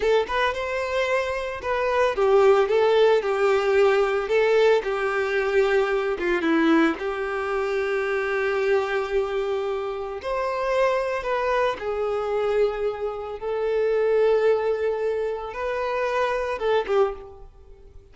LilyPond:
\new Staff \with { instrumentName = "violin" } { \time 4/4 \tempo 4 = 112 a'8 b'8 c''2 b'4 | g'4 a'4 g'2 | a'4 g'2~ g'8 f'8 | e'4 g'2.~ |
g'2. c''4~ | c''4 b'4 gis'2~ | gis'4 a'2.~ | a'4 b'2 a'8 g'8 | }